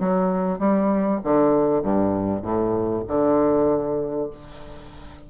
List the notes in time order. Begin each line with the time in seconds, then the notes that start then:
0.00 F#3
0.59 G3
1.24 D3
1.82 G2
2.42 A2
3.08 D3